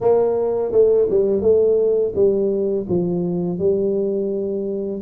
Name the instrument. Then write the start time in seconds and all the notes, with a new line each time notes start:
tuba
0.00 A#3
0.72 A3
1.09 G3
1.41 A3
2.15 G3
2.89 F3
3.58 G3